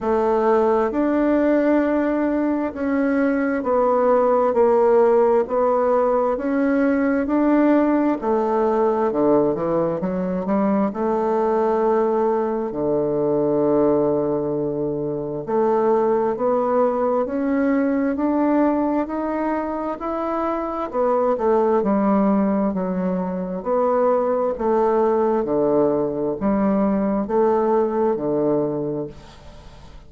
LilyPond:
\new Staff \with { instrumentName = "bassoon" } { \time 4/4 \tempo 4 = 66 a4 d'2 cis'4 | b4 ais4 b4 cis'4 | d'4 a4 d8 e8 fis8 g8 | a2 d2~ |
d4 a4 b4 cis'4 | d'4 dis'4 e'4 b8 a8 | g4 fis4 b4 a4 | d4 g4 a4 d4 | }